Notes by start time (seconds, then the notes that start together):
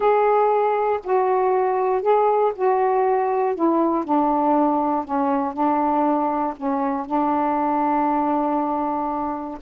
0.00 G#4
1.03 F#4
2.02 G#4
2.55 F#4
3.55 E4
4.04 D4
5.04 C#4
5.53 D4
6.56 C#4
7.06 D4